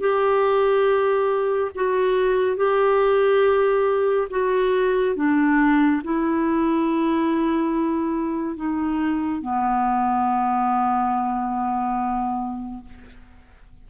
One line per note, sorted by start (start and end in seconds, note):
0.00 1.71 G4
1.75 2.56 F#4
2.56 4.28 G4
4.30 5.15 F#4
5.16 6.02 D4
6.04 8.56 E4
8.56 9.41 D#4
9.41 12.84 B3